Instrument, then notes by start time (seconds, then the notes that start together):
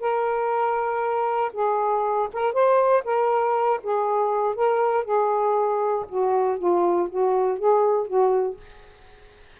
saxophone
0.00 A#4
1.53 G#4
2.33 A#4
2.53 C5
3.04 A#4
3.83 G#4
4.54 A#4
5.04 G#4
6.08 F#4
6.58 F4
7.09 F#4
7.58 G#4
8.07 F#4